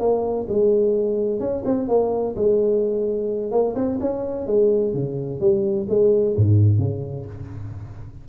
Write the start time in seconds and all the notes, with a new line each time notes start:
0.00 A#3
0.49 G#3
1.40 C#4
1.65 C4
1.88 A#3
2.36 G#3
3.52 A#3
3.75 C4
4.01 C#4
4.47 G#3
4.94 C#3
5.41 G3
5.89 G#3
6.36 G#2
6.79 C#3